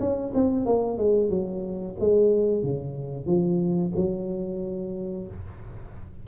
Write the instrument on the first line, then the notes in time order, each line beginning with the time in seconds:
tuba
0.00 C#4
0.34 C4
0.66 A#3
0.98 G#3
1.30 F#3
2.00 G#3
2.63 C#3
3.26 F3
3.96 F#3